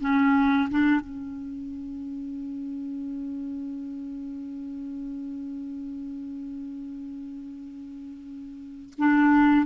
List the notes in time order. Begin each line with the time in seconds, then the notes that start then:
0.00 C#4
0.71 D4
1.01 C#4
8.98 D4